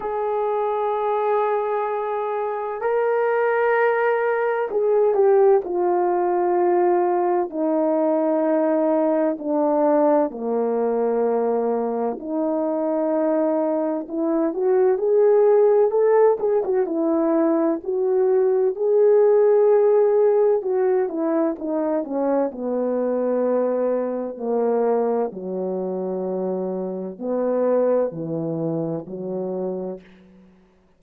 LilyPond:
\new Staff \with { instrumentName = "horn" } { \time 4/4 \tempo 4 = 64 gis'2. ais'4~ | ais'4 gis'8 g'8 f'2 | dis'2 d'4 ais4~ | ais4 dis'2 e'8 fis'8 |
gis'4 a'8 gis'16 fis'16 e'4 fis'4 | gis'2 fis'8 e'8 dis'8 cis'8 | b2 ais4 fis4~ | fis4 b4 e4 fis4 | }